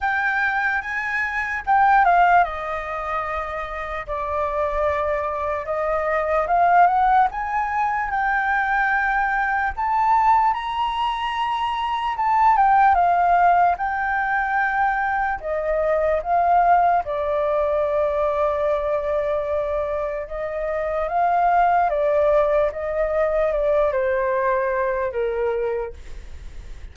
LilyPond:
\new Staff \with { instrumentName = "flute" } { \time 4/4 \tempo 4 = 74 g''4 gis''4 g''8 f''8 dis''4~ | dis''4 d''2 dis''4 | f''8 fis''8 gis''4 g''2 | a''4 ais''2 a''8 g''8 |
f''4 g''2 dis''4 | f''4 d''2.~ | d''4 dis''4 f''4 d''4 | dis''4 d''8 c''4. ais'4 | }